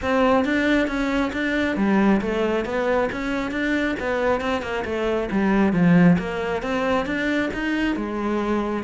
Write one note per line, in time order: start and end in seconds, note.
0.02 0.45 C4
0.45 0.87 D4
0.87 1.31 C#4
1.33 1.76 D4
1.76 2.20 G3
2.21 2.65 A3
2.65 3.09 B3
3.12 3.51 C#4
3.51 3.95 D4
3.99 4.40 B3
4.40 4.62 C4
4.62 4.84 A#3
4.84 5.29 A3
5.31 5.73 G3
5.73 6.17 F3
6.18 6.62 A#3
6.62 7.05 C4
7.05 7.50 D4
7.53 7.96 D#4
7.96 8.83 G#3